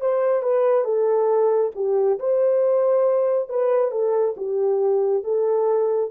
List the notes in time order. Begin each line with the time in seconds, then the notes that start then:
0.00 C5
0.42 B4
0.84 A4
1.75 G4
2.19 C5
3.49 B4
3.91 A4
4.37 G4
5.23 A4